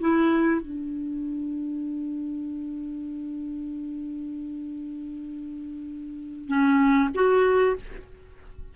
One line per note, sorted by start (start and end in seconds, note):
0.00 0.61 E4
0.61 6.47 D4
6.47 7.09 C#4
7.14 7.76 F#4